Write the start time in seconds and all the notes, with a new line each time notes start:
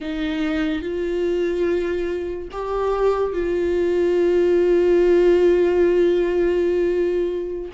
0.00 D#4
0.82 F4
2.52 G4
3.33 F4